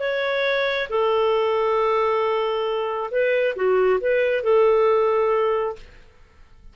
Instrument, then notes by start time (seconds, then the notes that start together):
clarinet
0.00 C#5
0.90 A4
3.11 B4
3.56 F#4
4.01 B4
4.44 A4